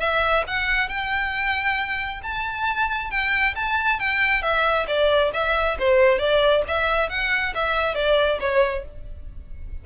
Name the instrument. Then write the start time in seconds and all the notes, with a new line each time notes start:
violin
0.00 E5
0.48 F#5
0.89 G5
2.23 A5
3.11 G5
3.56 A5
4.00 G5
4.42 E5
4.88 D5
5.34 E5
5.79 C5
6.19 D5
6.68 E5
7.10 F#5
7.55 E5
7.95 D5
8.41 C#5